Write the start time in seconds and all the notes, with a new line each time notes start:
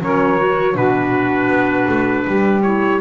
0.00 F#3 C#4 A#4 C#5
0.38 F#4
0.73 B2 D4 F#4 B4
1.48 B3
1.88 A3
2.26 G3 G4
2.62 E4 C#5